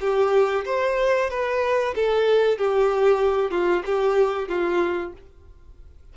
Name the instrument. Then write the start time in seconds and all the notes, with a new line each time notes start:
violin
0.00 G4
0.65 C5
1.30 B4
1.95 A4
2.58 G4
3.50 F4
3.85 G4
4.48 F4